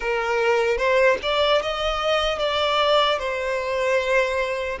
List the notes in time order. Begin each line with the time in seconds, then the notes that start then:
0.00 A#4
0.77 C5
1.22 D5
1.61 D#5
2.39 D5
3.18 C5